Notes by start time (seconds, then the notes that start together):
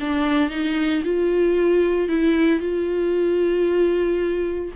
0.00 D4
0.50 D#4
1.04 F4
2.09 E4
2.60 F4